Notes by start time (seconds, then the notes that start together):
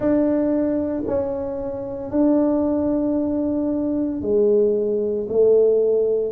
0.00 D4
1.07 C#4
2.11 D4
4.21 G#3
5.28 A3